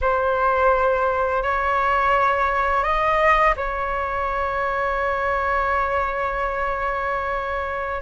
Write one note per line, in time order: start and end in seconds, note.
0.01 1.43 C5
1.43 2.83 C#5
2.83 3.55 D#5
3.56 8.01 C#5